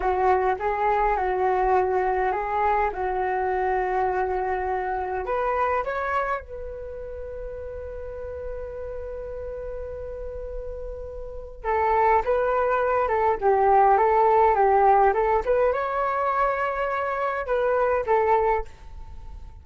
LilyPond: \new Staff \with { instrumentName = "flute" } { \time 4/4 \tempo 4 = 103 fis'4 gis'4 fis'2 | gis'4 fis'2.~ | fis'4 b'4 cis''4 b'4~ | b'1~ |
b'1 | a'4 b'4. a'8 g'4 | a'4 g'4 a'8 b'8 cis''4~ | cis''2 b'4 a'4 | }